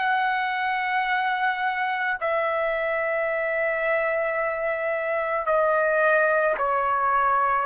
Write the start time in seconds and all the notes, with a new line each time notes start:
0.00 F#5
2.21 E5
5.47 D#5
6.58 C#5